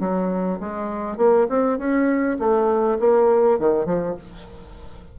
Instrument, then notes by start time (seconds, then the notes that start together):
bassoon
0.00 F#3
0.60 G#3
1.17 A#3
1.49 C4
1.78 C#4
2.39 A3
2.99 A#3
3.59 D#3
3.85 F3